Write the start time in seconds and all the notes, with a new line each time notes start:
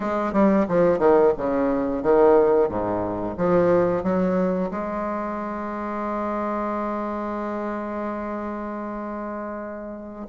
0.00 G#3
0.32 G3
0.68 F3
0.99 D#3
1.37 C#3
2.02 D#3
2.68 G#2
3.37 F3
4.03 F#3
4.70 G#3